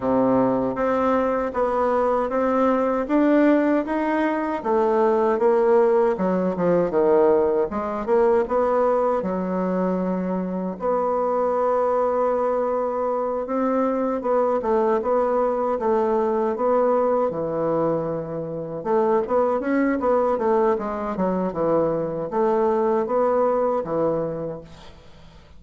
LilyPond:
\new Staff \with { instrumentName = "bassoon" } { \time 4/4 \tempo 4 = 78 c4 c'4 b4 c'4 | d'4 dis'4 a4 ais4 | fis8 f8 dis4 gis8 ais8 b4 | fis2 b2~ |
b4. c'4 b8 a8 b8~ | b8 a4 b4 e4.~ | e8 a8 b8 cis'8 b8 a8 gis8 fis8 | e4 a4 b4 e4 | }